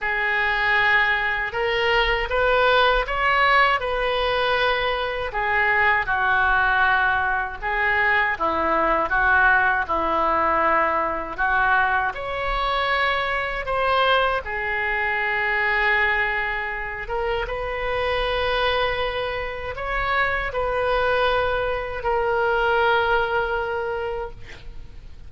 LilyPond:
\new Staff \with { instrumentName = "oboe" } { \time 4/4 \tempo 4 = 79 gis'2 ais'4 b'4 | cis''4 b'2 gis'4 | fis'2 gis'4 e'4 | fis'4 e'2 fis'4 |
cis''2 c''4 gis'4~ | gis'2~ gis'8 ais'8 b'4~ | b'2 cis''4 b'4~ | b'4 ais'2. | }